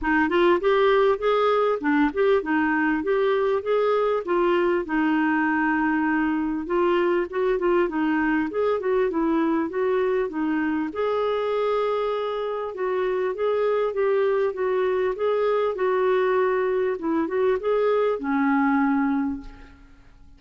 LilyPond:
\new Staff \with { instrumentName = "clarinet" } { \time 4/4 \tempo 4 = 99 dis'8 f'8 g'4 gis'4 d'8 g'8 | dis'4 g'4 gis'4 f'4 | dis'2. f'4 | fis'8 f'8 dis'4 gis'8 fis'8 e'4 |
fis'4 dis'4 gis'2~ | gis'4 fis'4 gis'4 g'4 | fis'4 gis'4 fis'2 | e'8 fis'8 gis'4 cis'2 | }